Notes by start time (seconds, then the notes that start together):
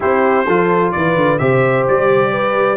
0.00 C4 E4 G4 C5
0.46 F3 F4 A4
0.91 E3 B4 D5
1.16 D3
1.38 C3 G4 C5 E5
1.87 G3 D5
2.31 B4